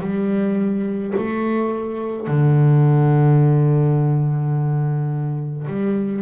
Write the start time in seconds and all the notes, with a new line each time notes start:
0.00 G3
1.17 A3
2.27 D3
5.67 G3